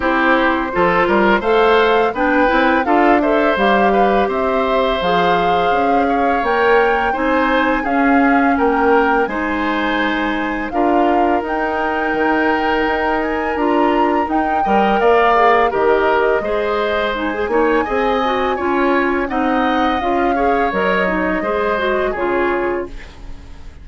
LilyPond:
<<
  \new Staff \with { instrumentName = "flute" } { \time 4/4 \tempo 4 = 84 c''2 f''4 g''4 | f''8 e''8 f''4 e''4 f''4~ | f''4 g''4 gis''4 f''4 | g''4 gis''2 f''4 |
g''2~ g''8 gis''8 ais''4 | g''4 f''4 dis''2 | gis''2. fis''4 | f''4 dis''2 cis''4 | }
  \new Staff \with { instrumentName = "oboe" } { \time 4/4 g'4 a'8 ais'8 c''4 b'4 | a'8 c''4 b'8 c''2~ | c''8 cis''4. c''4 gis'4 | ais'4 c''2 ais'4~ |
ais'1~ | ais'8 dis''8 d''4 ais'4 c''4~ | c''8 cis''8 dis''4 cis''4 dis''4~ | dis''8 cis''4. c''4 gis'4 | }
  \new Staff \with { instrumentName = "clarinet" } { \time 4/4 e'4 f'4 a'4 d'8 e'8 | f'8 a'8 g'2 gis'4~ | gis'4 ais'4 dis'4 cis'4~ | cis'4 dis'2 f'4 |
dis'2. f'4 | dis'8 ais'4 gis'8 g'4 gis'4 | dis'16 gis'16 dis'8 gis'8 fis'8 f'4 dis'4 | f'8 gis'8 ais'8 dis'8 gis'8 fis'8 f'4 | }
  \new Staff \with { instrumentName = "bassoon" } { \time 4/4 c'4 f8 g8 a4 b8 c'8 | d'4 g4 c'4 f4 | cis'4 ais4 c'4 cis'4 | ais4 gis2 d'4 |
dis'4 dis4 dis'4 d'4 | dis'8 g8 ais4 dis4 gis4~ | gis8 ais8 c'4 cis'4 c'4 | cis'4 fis4 gis4 cis4 | }
>>